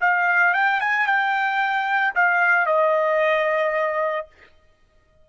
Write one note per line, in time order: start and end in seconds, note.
0.00 0.53 F5
0.53 0.80 G5
0.80 1.06 G#5
1.06 2.13 G5
2.15 2.66 F5
2.66 4.27 D#5